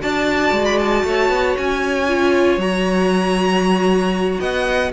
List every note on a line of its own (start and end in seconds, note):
0.00 0.52 D4
0.00 2.07 F#4
0.00 1.06 D5
0.00 0.65 A5
0.52 1.03 G#3
0.65 0.78 B5
0.79 1.57 A5
1.04 1.29 A3
1.04 4.40 C#5
1.29 1.55 B3
1.57 2.58 C#4
1.57 2.61 G#5
2.08 2.60 F4
2.58 4.39 F#3
2.58 4.92 F#4
2.58 4.41 A#5
4.40 4.92 B3
4.40 4.92 D#5
4.40 4.92 F#5